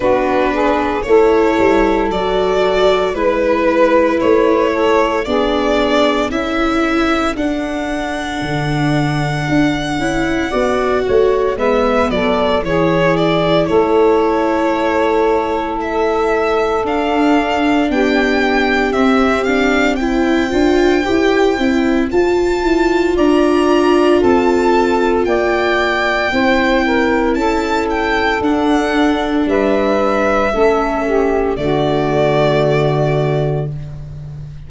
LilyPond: <<
  \new Staff \with { instrumentName = "violin" } { \time 4/4 \tempo 4 = 57 b'4 cis''4 d''4 b'4 | cis''4 d''4 e''4 fis''4~ | fis''2. e''8 d''8 | cis''8 d''8 cis''2 e''4 |
f''4 g''4 e''8 f''8 g''4~ | g''4 a''4 ais''4 a''4 | g''2 a''8 g''8 fis''4 | e''2 d''2 | }
  \new Staff \with { instrumentName = "saxophone" } { \time 4/4 fis'8 gis'8 a'2 b'4~ | b'8 a'8 gis'4 a'2~ | a'2 d''8 cis''8 b'8 a'8 | gis'4 a'2.~ |
a'4 g'2 c''4~ | c''2 d''4 a'4 | d''4 c''8 ais'8 a'2 | b'4 a'8 g'8 fis'2 | }
  \new Staff \with { instrumentName = "viola" } { \time 4/4 d'4 e'4 fis'4 e'4~ | e'4 d'4 e'4 d'4~ | d'4. e'8 fis'4 b4 | e'1 |
d'2 c'8 d'8 e'8 f'8 | g'8 e'8 f'2.~ | f'4 e'2 d'4~ | d'4 cis'4 a2 | }
  \new Staff \with { instrumentName = "tuba" } { \time 4/4 b4 a8 g8 fis4 gis4 | a4 b4 cis'4 d'4 | d4 d'8 cis'8 b8 a8 gis8 fis8 | e4 a2. |
d'4 b4 c'4. d'8 | e'8 c'8 f'8 e'8 d'4 c'4 | ais4 c'4 cis'4 d'4 | g4 a4 d2 | }
>>